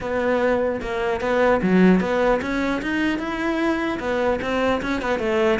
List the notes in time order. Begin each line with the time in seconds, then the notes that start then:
0.00 B3
0.81 A#3
1.21 B3
1.62 F#3
2.00 B3
2.41 C#4
2.82 D#4
3.18 E4
3.99 B3
4.41 C4
4.82 C#4
5.01 B3
5.19 A3